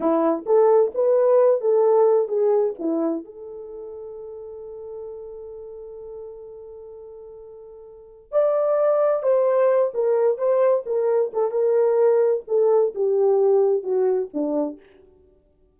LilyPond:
\new Staff \with { instrumentName = "horn" } { \time 4/4 \tempo 4 = 130 e'4 a'4 b'4. a'8~ | a'4 gis'4 e'4 a'4~ | a'1~ | a'1~ |
a'2 d''2 | c''4. ais'4 c''4 ais'8~ | ais'8 a'8 ais'2 a'4 | g'2 fis'4 d'4 | }